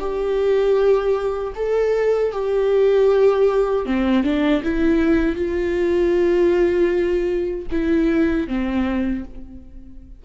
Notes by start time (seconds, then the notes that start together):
0.00 G4
1.56 A4
2.33 G4
3.86 C4
4.24 D4
4.64 E4
5.36 F4
7.72 E4
8.48 C4